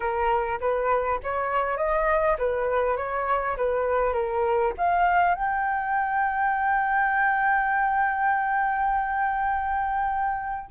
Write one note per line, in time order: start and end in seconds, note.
0.00 0.59 A#4
0.60 1.19 B4
1.23 1.77 C#5
1.77 2.36 D#5
2.38 2.96 B4
2.96 3.56 C#5
3.56 4.13 B4
4.13 4.72 A#4
4.77 5.34 F5
5.34 10.69 G5